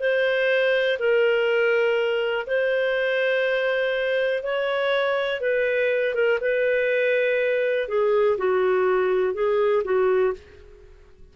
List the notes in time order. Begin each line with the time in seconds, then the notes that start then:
0.00 C5
0.99 A#4
2.47 C5
4.43 C#5
5.41 B4
6.15 A#4
6.41 B4
7.88 G#4
8.38 F#4
9.34 G#4
9.84 F#4